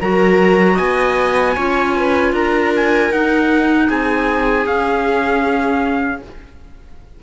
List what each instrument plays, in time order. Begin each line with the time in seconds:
0.00 cello F#3, clarinet F#4, viola A#4, trumpet A#5
0.74 cello B3, viola D#5, trumpet G#5
1.55 cello C#4, clarinet F4, viola C#5
1.95 viola B4
2.32 cello D4, viola A#4, trumpet A#5
2.75 trumpet G#5
3.10 cello D#4, clarinet D#4, trumpet F#5
3.87 cello C4, viola G#4, trumpet G#5
4.66 cello C#4, clarinet C#4, trumpet F5